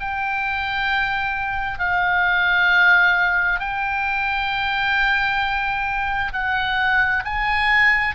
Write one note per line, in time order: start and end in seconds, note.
0.00 1.79 G5
1.79 3.60 F5
3.60 6.32 G5
6.33 7.24 F#5
7.25 8.15 G#5